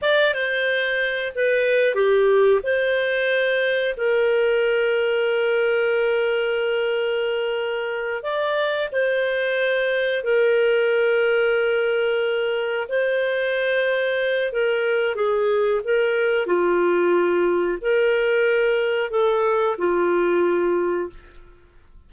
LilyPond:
\new Staff \with { instrumentName = "clarinet" } { \time 4/4 \tempo 4 = 91 d''8 c''4. b'4 g'4 | c''2 ais'2~ | ais'1~ | ais'8 d''4 c''2 ais'8~ |
ais'2.~ ais'8 c''8~ | c''2 ais'4 gis'4 | ais'4 f'2 ais'4~ | ais'4 a'4 f'2 | }